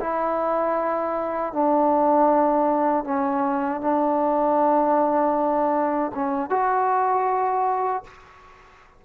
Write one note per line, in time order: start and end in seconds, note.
0.00 1.53 E4
1.53 3.04 D4
3.04 3.81 C#4
3.81 6.12 D4
6.14 6.49 C#4
6.49 8.03 F#4